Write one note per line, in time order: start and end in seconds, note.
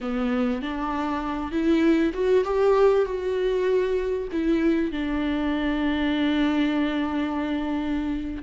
0.00 0.62 B3
0.62 1.51 D4
1.51 2.13 E4
2.13 2.44 F#4
2.44 3.05 G4
3.05 4.27 F#4
4.32 4.91 E4
4.91 8.42 D4